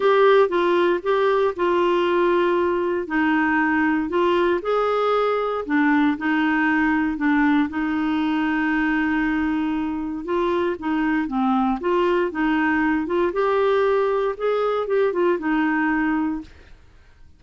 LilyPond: \new Staff \with { instrumentName = "clarinet" } { \time 4/4 \tempo 4 = 117 g'4 f'4 g'4 f'4~ | f'2 dis'2 | f'4 gis'2 d'4 | dis'2 d'4 dis'4~ |
dis'1 | f'4 dis'4 c'4 f'4 | dis'4. f'8 g'2 | gis'4 g'8 f'8 dis'2 | }